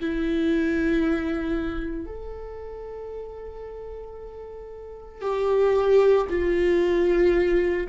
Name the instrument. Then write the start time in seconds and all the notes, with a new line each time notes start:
viola
0.00 E4
2.06 A4
5.22 G4
6.29 F4